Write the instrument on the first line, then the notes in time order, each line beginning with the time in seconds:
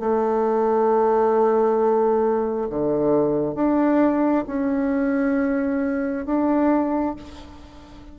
bassoon
0.00 A3
2.70 D3
3.55 D4
4.47 C#4
6.26 D4